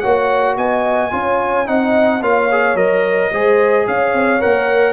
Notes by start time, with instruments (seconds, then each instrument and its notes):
0.00 tuba A#3, trombone F#4, horn C#5, trumpet F#5
0.57 tuba B3, horn D#5, trumpet G#5
1.11 tuba C#4, trombone F4, horn C#5
1.66 tuba C4, trombone D#4, horn D#5, trumpet F#5
2.21 tuba A#3, trombone F4, horn C#5, trumpet F5
2.51 trombone G#4
2.75 tuba F#3, trombone A#4, trumpet D#5
3.32 tuba G#3, trombone G#4, horn C5
3.87 tuba C#4, horn C#5, trumpet F5
4.13 tuba C4
4.40 tuba A#3, trombone A#4, trumpet F#5